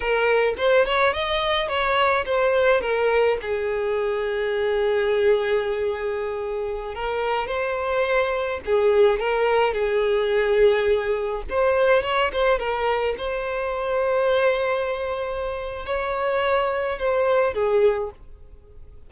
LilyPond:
\new Staff \with { instrumentName = "violin" } { \time 4/4 \tempo 4 = 106 ais'4 c''8 cis''8 dis''4 cis''4 | c''4 ais'4 gis'2~ | gis'1~ | gis'16 ais'4 c''2 gis'8.~ |
gis'16 ais'4 gis'2~ gis'8.~ | gis'16 c''4 cis''8 c''8 ais'4 c''8.~ | c''1 | cis''2 c''4 gis'4 | }